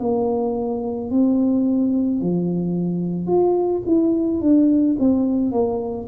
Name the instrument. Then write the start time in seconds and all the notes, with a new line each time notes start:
tuba
0.00 A#3
1.11 C4
2.21 F3
3.27 F4
3.86 E4
4.41 D4
4.99 C4
5.52 A#3